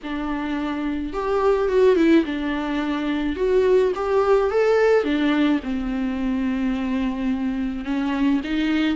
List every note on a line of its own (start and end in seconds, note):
0.03 1.13 D4
1.13 1.68 G4
1.68 1.96 F#4
1.96 2.24 E4
2.25 3.36 D4
3.36 3.92 F#4
3.95 4.50 G4
4.50 5.03 A4
5.03 5.59 D4
5.63 7.84 C4
7.84 8.40 C#4
8.43 8.96 D#4